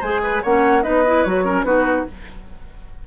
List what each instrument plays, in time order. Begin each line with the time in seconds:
0.00 bassoon G#3, clarinet G#4, oboe C5, flute G#5
0.24 oboe B4
0.43 bassoon A#3, clarinet C#4, oboe C#5, flute F#5
0.83 bassoon B3, clarinet D#4, oboe B4, flute D#5
1.07 clarinet E4
1.24 bassoon F#3, clarinet F#4, flute C#5
1.45 clarinet C#4, oboe A#4
1.64 bassoon B3, clarinet D#4, oboe F#4, flute B4